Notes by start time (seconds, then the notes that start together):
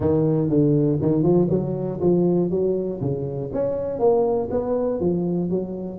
0.00 D#3
0.49 D3
1.01 D#3
1.22 F3
1.50 F#3
2.00 F3
2.50 F#3
3.00 C#3
3.52 C#4
3.99 A#3
4.50 B3
5.00 F3
5.50 F#3